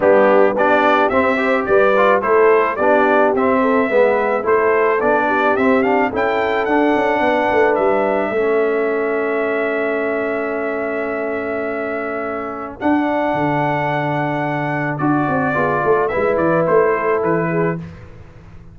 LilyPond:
<<
  \new Staff \with { instrumentName = "trumpet" } { \time 4/4 \tempo 4 = 108 g'4 d''4 e''4 d''4 | c''4 d''4 e''2 | c''4 d''4 e''8 f''8 g''4 | fis''2 e''2~ |
e''1~ | e''2. fis''4~ | fis''2. d''4~ | d''4 e''8 d''8 c''4 b'4 | }
  \new Staff \with { instrumentName = "horn" } { \time 4/4 d'4 g'4. c''8 b'4 | a'4 g'4. a'8 b'4 | a'4. g'4. a'4~ | a'4 b'2 a'4~ |
a'1~ | a'1~ | a'1 | gis'8 a'8 b'4. a'4 gis'8 | }
  \new Staff \with { instrumentName = "trombone" } { \time 4/4 b4 d'4 c'8 g'4 f'8 | e'4 d'4 c'4 b4 | e'4 d'4 c'8 d'8 e'4 | d'2. cis'4~ |
cis'1~ | cis'2. d'4~ | d'2. fis'4 | f'4 e'2. | }
  \new Staff \with { instrumentName = "tuba" } { \time 4/4 g4 b4 c'4 g4 | a4 b4 c'4 gis4 | a4 b4 c'4 cis'4 | d'8 cis'8 b8 a8 g4 a4~ |
a1~ | a2. d'4 | d2. d'8 c'8 | b8 a8 gis8 e8 a4 e4 | }
>>